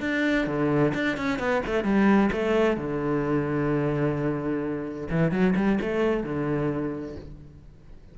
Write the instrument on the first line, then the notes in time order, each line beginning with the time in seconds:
cello
0.00 D4
0.46 D3
0.94 D4
1.16 C#4
1.38 B3
1.66 A3
1.83 G3
2.32 A3
2.77 D3
5.10 E3
5.31 F#3
5.56 G3
5.81 A3
6.23 D3